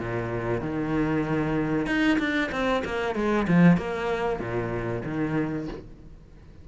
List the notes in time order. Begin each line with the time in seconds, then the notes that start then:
0.00 A#2
0.61 D#3
1.87 D#4
2.19 D4
2.52 C4
2.85 A#3
3.16 G#3
3.48 F3
3.78 A#3
4.40 A#2
5.05 D#3